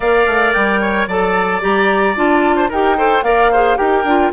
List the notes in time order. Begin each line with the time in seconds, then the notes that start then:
0.00 A#3 A#4 D5 F5
0.26 A3
0.53 G3 G5
0.80 C#5
1.07 F#3 A4 D5 A5
1.61 G3 G4 A#5
2.15 D4 F4 A5
2.56 C5
2.69 D#4 G4 A#4 G5
2.97 A4 C5
3.22 A#3 A#4 D5 F5
3.51 G#4 C5
3.76 D#4 G4 A#4 G5
4.04 D4 F4